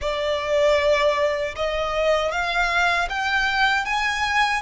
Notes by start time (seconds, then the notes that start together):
0.01 D5
1.55 D#5
2.31 F5
3.09 G5
3.85 G#5